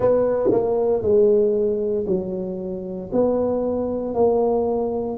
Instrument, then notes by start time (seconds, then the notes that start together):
tuba
0.00 B3
0.51 A#3
1.02 G#3
2.06 F#3
3.12 B3
4.14 A#3